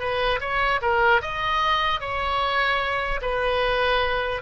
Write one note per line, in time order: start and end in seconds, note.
0.00 0.40 B4
0.41 0.81 C#5
0.82 1.22 A#4
1.22 2.01 D#5
2.01 3.21 C#5
3.22 4.42 B4